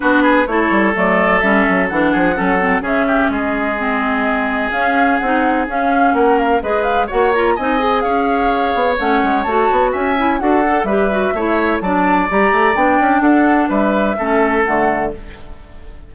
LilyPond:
<<
  \new Staff \with { instrumentName = "flute" } { \time 4/4 \tempo 4 = 127 b'4 cis''4 d''4 e''4 | fis''2 e''4 dis''4~ | dis''2 f''4 fis''4 | f''4 fis''8 f''8 dis''8 f''8 fis''8 ais''8 |
gis''4 f''2 fis''4 | a''4 gis''4 fis''4 e''4~ | e''4 a''4 ais''4 g''4 | fis''4 e''2 fis''4 | }
  \new Staff \with { instrumentName = "oboe" } { \time 4/4 fis'8 gis'8 a'2.~ | a'8 gis'8 a'4 gis'8 g'8 gis'4~ | gis'1~ | gis'4 ais'4 b'4 cis''4 |
dis''4 cis''2.~ | cis''4 e''4 a'4 b'4 | cis''4 d''2. | a'4 b'4 a'2 | }
  \new Staff \with { instrumentName = "clarinet" } { \time 4/4 d'4 e'4 a4 cis'4 | d'4 cis'8 c'8 cis'2 | c'2 cis'4 dis'4 | cis'2 gis'4 fis'8 f'8 |
dis'8 gis'2~ gis'8 cis'4 | fis'4. e'8 fis'8 a'8 g'8 fis'8 | e'4 d'4 g'4 d'4~ | d'2 cis'4 a4 | }
  \new Staff \with { instrumentName = "bassoon" } { \time 4/4 b4 a8 g8 fis4 g8 fis8 | e8 f8 fis4 cis4 gis4~ | gis2 cis'4 c'4 | cis'4 ais4 gis4 ais4 |
c'4 cis'4. b8 a8 gis8 | a8 b8 cis'4 d'4 g4 | a4 fis4 g8 a8 b8 cis'8 | d'4 g4 a4 d4 | }
>>